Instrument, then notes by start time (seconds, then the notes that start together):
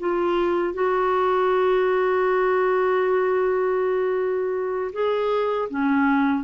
clarinet
0.00 F4
0.74 F#4
4.93 G#4
5.70 C#4